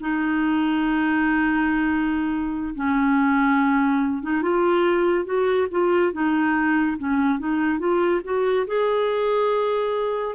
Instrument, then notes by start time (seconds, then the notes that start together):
clarinet
0.00 D#4
2.75 C#4
4.23 D#4
4.42 F4
5.25 F#4
5.71 F4
6.13 D#4
6.98 C#4
7.39 D#4
7.79 F4
8.24 F#4
8.67 G#4